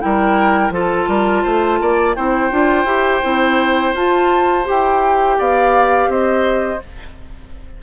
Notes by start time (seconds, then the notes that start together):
0.00 G3 E4 A#4 G5
0.70 F3 F4 A4 A5
1.08 G3 A#4
1.43 A3 C5
1.80 A#3 D5
2.15 C4 E4 C5 G5
2.51 D4 F4
2.85 E4 G4
3.23 C4 E4
3.94 F4 A5
4.64 E4 G4 G5
5.38 B3 D5 F5
6.07 C4 C5 D#5